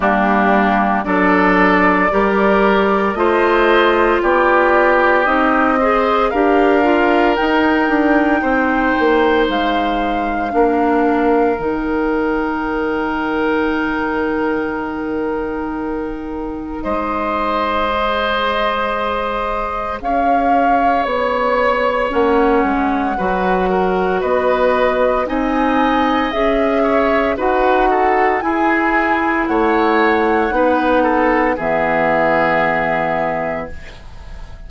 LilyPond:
<<
  \new Staff \with { instrumentName = "flute" } { \time 4/4 \tempo 4 = 57 g'4 d''2 dis''4 | d''4 dis''4 f''4 g''4~ | g''4 f''2 g''4~ | g''1 |
dis''2. f''4 | cis''4 fis''2 dis''4 | gis''4 e''4 fis''4 gis''4 | fis''2 e''2 | }
  \new Staff \with { instrumentName = "oboe" } { \time 4/4 d'4 a'4 ais'4 c''4 | g'4. c''8 ais'2 | c''2 ais'2~ | ais'1 |
c''2. cis''4~ | cis''2 b'8 ais'8 b'4 | dis''4. cis''8 b'8 a'8 gis'4 | cis''4 b'8 a'8 gis'2 | }
  \new Staff \with { instrumentName = "clarinet" } { \time 4/4 ais4 d'4 g'4 f'4~ | f'4 dis'8 gis'8 g'8 f'8 dis'4~ | dis'2 d'4 dis'4~ | dis'1~ |
dis'4 gis'2.~ | gis'4 cis'4 fis'2 | dis'4 gis'4 fis'4 e'4~ | e'4 dis'4 b2 | }
  \new Staff \with { instrumentName = "bassoon" } { \time 4/4 g4 fis4 g4 a4 | b4 c'4 d'4 dis'8 d'8 | c'8 ais8 gis4 ais4 dis4~ | dis1 |
gis2. cis'4 | b4 ais8 gis8 fis4 b4 | c'4 cis'4 dis'4 e'4 | a4 b4 e2 | }
>>